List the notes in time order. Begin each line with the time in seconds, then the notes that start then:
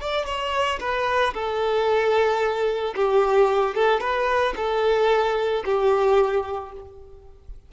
0.00 D5
0.25 C#5
0.80 B4
1.33 A4
2.95 G4
3.75 A4
4.00 B4
4.56 A4
5.65 G4